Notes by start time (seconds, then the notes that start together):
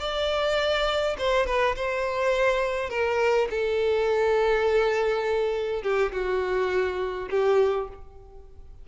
0.00 D5
1.18 C5
1.46 B4
1.76 C5
2.90 A#4
3.50 A4
5.83 G4
6.12 F#4
7.30 G4